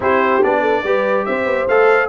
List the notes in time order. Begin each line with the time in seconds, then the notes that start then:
0.00 C4 E4 G4 C5
0.42 B3 D4 D5
0.60 A4
0.83 G3 G4 B4
1.25 C4 C5 E5
1.45 B3
1.68 A3 A4 F5